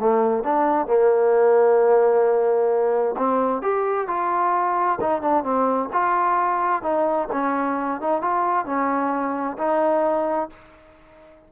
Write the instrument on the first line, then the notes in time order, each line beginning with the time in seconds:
trombone
0.00 A3
0.44 D4
0.87 A#3
3.18 C4
3.63 G4
4.08 F4
5.01 D#4
5.22 D4
5.44 C4
5.94 F4
6.83 D#4
7.32 C#4
8.01 D#4
8.22 F4
8.66 C#4
9.59 D#4